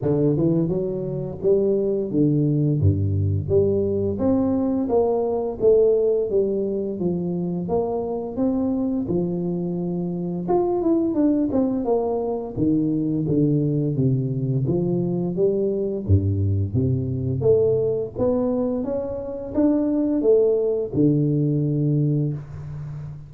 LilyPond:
\new Staff \with { instrumentName = "tuba" } { \time 4/4 \tempo 4 = 86 d8 e8 fis4 g4 d4 | g,4 g4 c'4 ais4 | a4 g4 f4 ais4 | c'4 f2 f'8 e'8 |
d'8 c'8 ais4 dis4 d4 | c4 f4 g4 g,4 | c4 a4 b4 cis'4 | d'4 a4 d2 | }